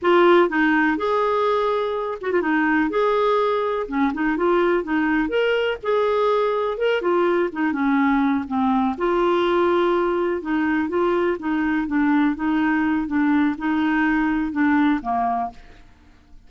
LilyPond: \new Staff \with { instrumentName = "clarinet" } { \time 4/4 \tempo 4 = 124 f'4 dis'4 gis'2~ | gis'8 fis'16 f'16 dis'4 gis'2 | cis'8 dis'8 f'4 dis'4 ais'4 | gis'2 ais'8 f'4 dis'8 |
cis'4. c'4 f'4.~ | f'4. dis'4 f'4 dis'8~ | dis'8 d'4 dis'4. d'4 | dis'2 d'4 ais4 | }